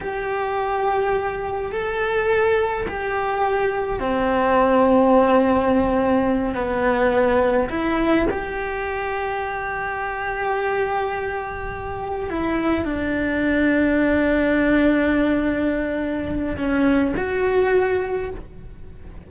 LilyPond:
\new Staff \with { instrumentName = "cello" } { \time 4/4 \tempo 4 = 105 g'2. a'4~ | a'4 g'2 c'4~ | c'2.~ c'8 b8~ | b4. e'4 g'4.~ |
g'1~ | g'4. e'4 d'4.~ | d'1~ | d'4 cis'4 fis'2 | }